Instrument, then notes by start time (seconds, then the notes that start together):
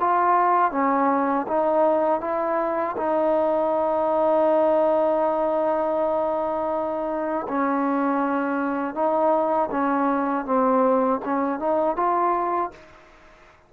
trombone
0.00 F4
0.72 C#4
1.48 D#4
2.21 E4
2.97 D#4
7.48 C#4
8.95 D#4
9.71 C#4
10.46 C4
11.25 C#4
11.59 D#4
11.97 F4